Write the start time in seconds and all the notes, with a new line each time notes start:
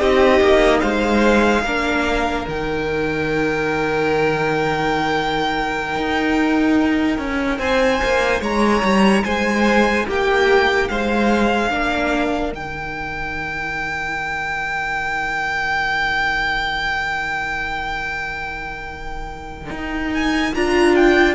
0.00 C4 D#4 G4 D#5
0.41 A#3
0.81 G#3 C5 F5
1.64 A#3 D4 A#4
2.48 D#3 D#4 G5
5.96 D#4
7.18 C#4
7.59 C4 C5 G#5
8.04 A#3
8.41 G#3 C#5 A#5
8.83 G3
9.24 G#3 C5 G#5
10.07 A#3 G4 G5
10.89 G#3 C5 F5
11.71 A#3 D4 A#4
12.53 D#3 D#4 G5
19.70 D#4
20.14 G#5
20.55 D4 F4 A#5
20.96 G5